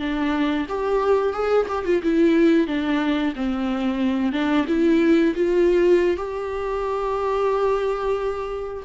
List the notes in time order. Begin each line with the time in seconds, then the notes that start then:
0.00 D4
0.69 G4
1.33 G#4
1.69 G4
1.86 F4
2.03 E4
2.68 D4
3.36 C4
4.33 D4
4.68 E4
5.36 F4
6.17 G4